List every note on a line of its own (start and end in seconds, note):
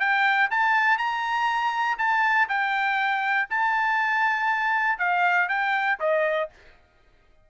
0.00 0.50 G5
0.51 0.98 A5
0.98 1.98 A#5
1.98 2.48 A5
2.49 3.49 G5
3.50 4.99 A5
4.99 5.49 F5
5.49 5.99 G5
6.00 6.50 D#5